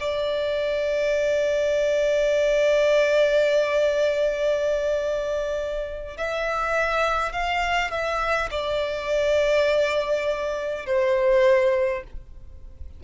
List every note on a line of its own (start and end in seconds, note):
0.00 6.17 D5
6.17 7.33 E5
7.33 7.91 F5
7.91 8.50 E5
8.51 10.86 D5
10.86 12.04 C5